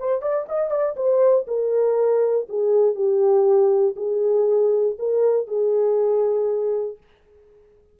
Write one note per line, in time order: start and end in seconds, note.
0.00 0.22 C5
0.22 0.47 D5
0.49 0.71 D#5
0.71 0.96 D5
0.96 1.46 C5
1.48 2.48 A#4
2.49 2.95 G#4
2.95 3.95 G4
3.97 4.97 G#4
4.99 5.48 A#4
5.48 6.98 G#4